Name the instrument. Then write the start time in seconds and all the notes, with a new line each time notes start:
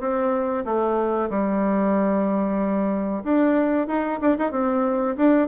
bassoon
0.00 C4
0.65 A3
1.30 G3
3.24 D4
3.87 D#4
4.21 D4
4.38 D#4
4.52 C4
5.17 D4